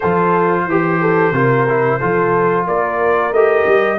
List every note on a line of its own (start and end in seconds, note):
0.00 0.67 F3
0.00 0.69 F4
0.00 0.63 A4
0.00 2.66 C5
0.67 1.32 E3
0.67 1.34 G4
0.67 1.01 G4
1.01 1.33 A4
1.32 1.98 C3
1.32 1.67 F4
1.32 1.98 A#4
1.68 2.00 E4
1.98 2.67 F3
1.98 3.33 F4
1.98 2.65 A4
2.67 3.31 A#3
2.67 3.99 A#4
2.67 3.33 D5
3.31 3.65 A3
3.31 3.99 G4
3.31 3.99 D#5
3.67 3.99 G3